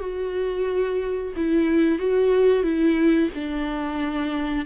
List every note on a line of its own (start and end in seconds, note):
0.00 1.33 F#4
1.36 1.99 E4
1.99 2.63 F#4
2.63 3.30 E4
3.35 4.66 D4